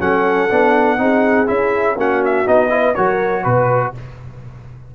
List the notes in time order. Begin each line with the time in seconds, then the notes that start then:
0.00 F#3 C#4 A4 F#5
0.50 B3 D4
0.98 C4 D#4 G#4
1.47 C#4 E4 E5
1.96 A#3 C#4 F#4 F#5
2.25 E5
2.47 B3 D#4 D#5
2.70 E4 B4
2.95 F#3 F#4 A#4 C#5
3.44 B2 B4